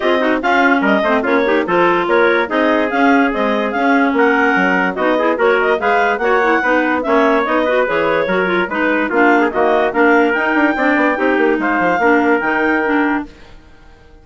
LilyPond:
<<
  \new Staff \with { instrumentName = "clarinet" } { \time 4/4 \tempo 4 = 145 dis''4 f''4 dis''4 cis''4 | c''4 cis''4 dis''4 f''4 | dis''4 f''4 fis''2 | dis''4 cis''8 dis''8 f''4 fis''4~ |
fis''4 e''4 dis''4 cis''4~ | cis''4 b'4 f''4 dis''4 | f''4 g''2. | f''2 g''2 | }
  \new Staff \with { instrumentName = "trumpet" } { \time 4/4 gis'8 fis'8 f'4 ais'8 c''8 f'8 g'8 | a'4 ais'4 gis'2~ | gis'2 ais'2 | fis'8 gis'8 ais'4 b'4 cis''4 |
b'4 cis''4. b'4. | ais'4 b'4 f'8. gis'16 fis'4 | ais'2 d''4 g'4 | c''4 ais'2. | }
  \new Staff \with { instrumentName = "clarinet" } { \time 4/4 f'8 dis'8 cis'4. c'8 cis'8 dis'8 | f'2 dis'4 cis'4 | gis4 cis'2. | dis'8 e'8 fis'4 gis'4 fis'8 e'8 |
dis'4 cis'4 dis'8 fis'8 gis'4 | fis'8 f'8 dis'4 d'4 ais4 | d'4 dis'4 d'4 dis'4~ | dis'4 d'4 dis'4 d'4 | }
  \new Staff \with { instrumentName = "bassoon" } { \time 4/4 c'4 cis'4 g8 a8 ais4 | f4 ais4 c'4 cis'4 | c'4 cis'4 ais4 fis4 | b4 ais4 gis4 ais4 |
b4 ais4 b4 e4 | fis4 gis4 ais4 dis4 | ais4 dis'8 d'8 c'8 b8 c'8 ais8 | gis8 f8 ais4 dis2 | }
>>